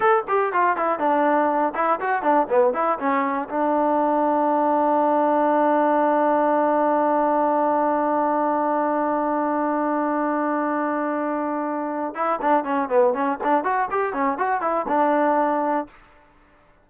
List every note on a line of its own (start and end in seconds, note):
0.00 0.23 A4
0.28 0.53 G4
0.53 0.76 F4
0.76 0.99 E4
0.99 1.73 D4
1.74 1.99 E4
2.00 2.22 F#4
2.22 2.47 D4
2.49 2.73 B3
2.73 2.98 E4
2.98 3.48 C#4
3.48 12.14 D4
12.14 12.39 E4
12.41 12.63 D4
12.63 12.88 C#4
12.88 13.13 B3
13.13 13.38 C#4
13.43 13.64 D4
13.64 13.88 F#4
13.90 14.13 G4
14.13 14.38 C#4
14.38 14.61 F#4
14.61 14.85 E4
14.88 15.87 D4